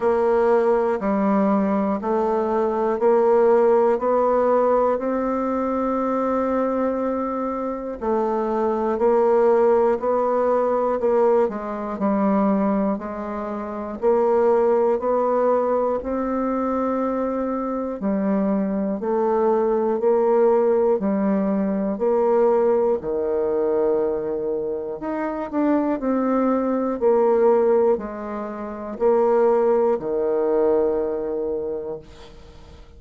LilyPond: \new Staff \with { instrumentName = "bassoon" } { \time 4/4 \tempo 4 = 60 ais4 g4 a4 ais4 | b4 c'2. | a4 ais4 b4 ais8 gis8 | g4 gis4 ais4 b4 |
c'2 g4 a4 | ais4 g4 ais4 dis4~ | dis4 dis'8 d'8 c'4 ais4 | gis4 ais4 dis2 | }